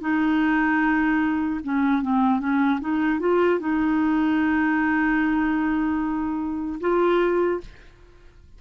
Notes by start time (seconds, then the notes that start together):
0.00 D#4
1.63 C#4
2.02 C4
2.39 C#4
2.80 D#4
3.19 F4
3.59 D#4
6.80 F4